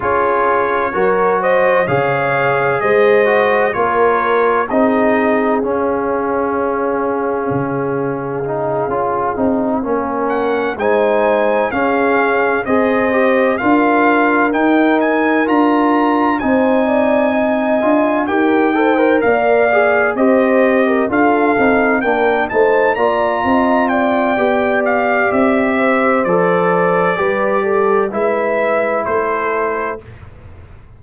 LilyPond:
<<
  \new Staff \with { instrumentName = "trumpet" } { \time 4/4 \tempo 4 = 64 cis''4. dis''8 f''4 dis''4 | cis''4 dis''4 f''2~ | f''2. fis''8 gis''8~ | gis''8 f''4 dis''4 f''4 g''8 |
gis''8 ais''4 gis''2 g''8~ | g''8 f''4 dis''4 f''4 g''8 | a''8 ais''4 g''4 f''8 e''4 | d''2 e''4 c''4 | }
  \new Staff \with { instrumentName = "horn" } { \time 4/4 gis'4 ais'8 c''8 cis''4 c''4 | ais'4 gis'2.~ | gis'2~ gis'8 ais'4 c''8~ | c''8 gis'4 c''4 ais'4.~ |
ais'4. c''8 d''8 dis''4 ais'8 | c''8 d''4 c''8. ais'16 a'4 ais'8 | c''8 d''8 dis''8 d''2 c''8~ | c''4 b'8 a'8 b'4 a'4 | }
  \new Staff \with { instrumentName = "trombone" } { \time 4/4 f'4 fis'4 gis'4. fis'8 | f'4 dis'4 cis'2~ | cis'4 dis'8 f'8 dis'8 cis'4 dis'8~ | dis'8 cis'4 gis'8 g'8 f'4 dis'8~ |
dis'8 f'4 dis'4. f'8 g'8 | a'16 ais'8. gis'8 g'4 f'8 dis'8 d'8 | dis'8 f'4. g'2 | a'4 g'4 e'2 | }
  \new Staff \with { instrumentName = "tuba" } { \time 4/4 cis'4 fis4 cis4 gis4 | ais4 c'4 cis'2 | cis4. cis'8 c'8 ais4 gis8~ | gis8 cis'4 c'4 d'4 dis'8~ |
dis'8 d'4 c'4. d'8 dis'8~ | dis'8 ais4 c'4 d'8 c'8 ais8 | a8 ais8 c'4 b4 c'4 | f4 g4 gis4 a4 | }
>>